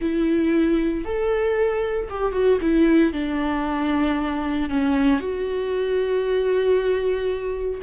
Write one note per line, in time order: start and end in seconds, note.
0.01 1.04 E4
1.04 2.09 A4
2.09 2.32 G4
2.32 2.58 F#4
2.61 3.13 E4
3.13 4.69 D4
4.69 5.20 C#4
5.20 7.80 F#4